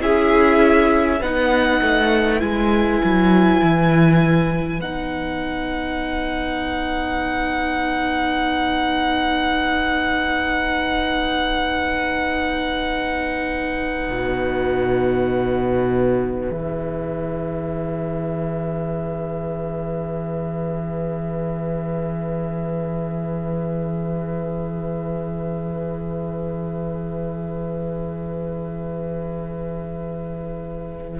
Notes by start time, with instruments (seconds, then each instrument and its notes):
0.00 cello C#4, viola E4, violin G#4 E5
1.19 cello B3, viola D#4, violin B4 F#5
1.81 cello A3
2.39 cello G#3, viola E4, violin G#5
3.04 cello F#3
3.60 cello E3
4.80 cello B3, viola D#4, violin F#5
14.10 cello B2
16.46 cello E3, viola G#4, violin E5